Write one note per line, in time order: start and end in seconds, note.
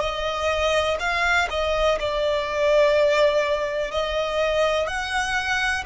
0.00 0.97 D#5
0.99 1.48 F5
1.50 1.98 D#5
1.99 3.91 D5
3.91 4.87 D#5
4.87 5.84 F#5